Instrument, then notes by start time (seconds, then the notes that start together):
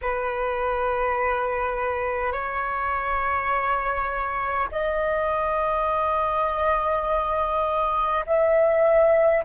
flute
0.01 B4
2.32 C#5
4.71 D#5
8.26 E5